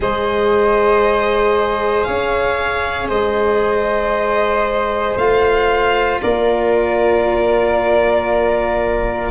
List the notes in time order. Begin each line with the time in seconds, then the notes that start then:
0.00 G#3 G#4 C5 D#5
2.03 C#4 C#5 F5
3.09 G#3 C5 D#5
5.16 A3 F4 F5
6.22 A#3 A#4 D5